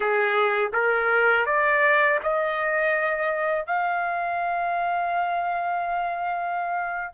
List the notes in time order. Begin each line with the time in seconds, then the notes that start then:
0.00 G#4
0.73 A#4
1.46 D5
2.23 D#5
3.66 F5